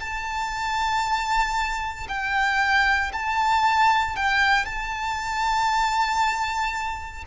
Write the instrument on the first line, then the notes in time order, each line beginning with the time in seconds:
violin
0.00 A5
2.08 G5
3.13 A5
4.16 G5
4.65 A5